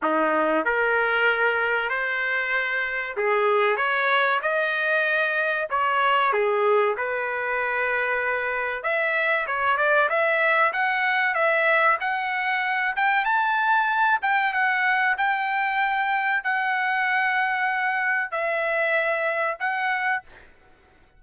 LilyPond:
\new Staff \with { instrumentName = "trumpet" } { \time 4/4 \tempo 4 = 95 dis'4 ais'2 c''4~ | c''4 gis'4 cis''4 dis''4~ | dis''4 cis''4 gis'4 b'4~ | b'2 e''4 cis''8 d''8 |
e''4 fis''4 e''4 fis''4~ | fis''8 g''8 a''4. g''8 fis''4 | g''2 fis''2~ | fis''4 e''2 fis''4 | }